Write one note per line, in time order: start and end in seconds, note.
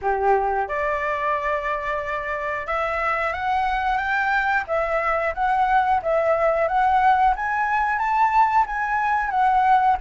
0.01 0.68 G4
0.68 2.66 D5
2.66 3.33 E5
3.33 3.97 F#5
3.97 4.64 G5
4.67 5.33 E5
5.34 6.01 F#5
6.02 6.68 E5
6.68 7.34 F#5
7.35 7.98 G#5
7.98 8.65 A5
8.66 9.30 G#5
9.30 9.97 F#5